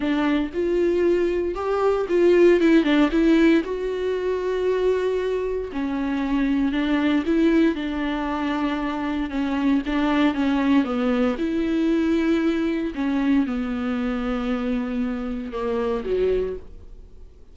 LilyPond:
\new Staff \with { instrumentName = "viola" } { \time 4/4 \tempo 4 = 116 d'4 f'2 g'4 | f'4 e'8 d'8 e'4 fis'4~ | fis'2. cis'4~ | cis'4 d'4 e'4 d'4~ |
d'2 cis'4 d'4 | cis'4 b4 e'2~ | e'4 cis'4 b2~ | b2 ais4 fis4 | }